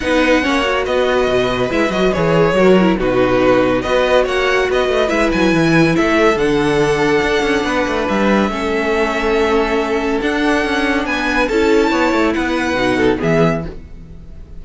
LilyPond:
<<
  \new Staff \with { instrumentName = "violin" } { \time 4/4 \tempo 4 = 141 fis''2 dis''2 | e''8 dis''8 cis''2 b'4~ | b'4 dis''4 fis''4 dis''4 | e''8 gis''4. e''4 fis''4~ |
fis''2. e''4~ | e''1 | fis''2 gis''4 a''4~ | a''4 fis''2 e''4 | }
  \new Staff \with { instrumentName = "violin" } { \time 4/4 b'4 cis''4 b'2~ | b'2 ais'4 fis'4~ | fis'4 b'4 cis''4 b'4~ | b'2 a'2~ |
a'2 b'2 | a'1~ | a'2 b'4 a'4 | cis''4 b'4. a'8 gis'4 | }
  \new Staff \with { instrumentName = "viola" } { \time 4/4 dis'4 cis'8 fis'2~ fis'8 | e'8 fis'8 gis'4 fis'8 e'8 dis'4~ | dis'4 fis'2. | e'2. d'4~ |
d'1 | cis'1 | d'2. e'4~ | e'2 dis'4 b4 | }
  \new Staff \with { instrumentName = "cello" } { \time 4/4 b4 ais4 b4 b,4 | gis8 fis8 e4 fis4 b,4~ | b,4 b4 ais4 b8 a8 | gis8 fis8 e4 a4 d4~ |
d4 d'8 cis'8 b8 a8 g4 | a1 | d'4 cis'4 b4 cis'4 | b8 a8 b4 b,4 e4 | }
>>